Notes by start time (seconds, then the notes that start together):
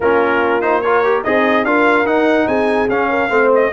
0.00 A#3 C#4 F4 A#4
0.61 D#4 C5
0.81 F4 A#4 C#5
1.04 G4
1.23 C4 D#4 G#4 D#5
1.64 D4 F4 A#4 F5
2.05 D#4 F#5
2.46 C4 G#4 G#5
2.89 C#4 F5
3.09 A#4
3.29 A3 C4 C5
3.54 D#5